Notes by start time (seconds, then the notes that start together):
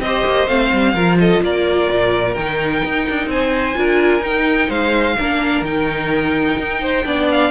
0.00 C4 C5 D#5
0.06 G4
0.25 A#3
0.48 A3 C4 F5
0.72 G3
0.94 F3 F4 A#4
1.19 A4 D#5
1.42 A#3 A#4 D5
1.91 A#2
2.34 D#3 D#4 G5
2.84 D#4
3.09 D4
3.27 C4 C5 G#5
3.75 D4 F4 A#4
4.20 D#4 G5
4.69 G#3 C5 F5
5.18 A#3 D4 A#4
5.62 D#3 D#4 G5
6.57 D#4
6.82 C5
7.05 B3 D4 D5
7.31 F5